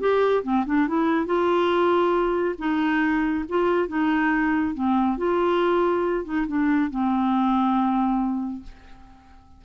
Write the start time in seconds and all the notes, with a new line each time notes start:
0.00 G4
0.43 C4
0.66 D4
0.88 E4
1.26 F4
2.59 D#4
3.49 F4
3.88 D#4
4.75 C4
5.18 F4
6.25 D#4
6.47 D4
6.90 C4